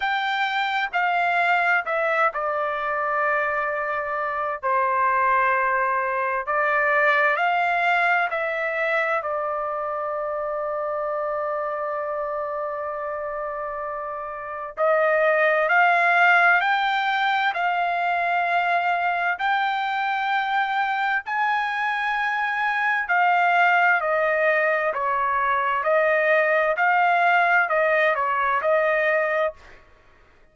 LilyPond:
\new Staff \with { instrumentName = "trumpet" } { \time 4/4 \tempo 4 = 65 g''4 f''4 e''8 d''4.~ | d''4 c''2 d''4 | f''4 e''4 d''2~ | d''1 |
dis''4 f''4 g''4 f''4~ | f''4 g''2 gis''4~ | gis''4 f''4 dis''4 cis''4 | dis''4 f''4 dis''8 cis''8 dis''4 | }